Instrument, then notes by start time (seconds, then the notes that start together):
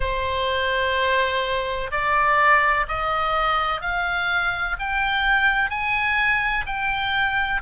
oboe
0.00 C5
1.90 D5
2.87 D#5
3.81 F5
4.79 G5
5.70 G#5
6.66 G5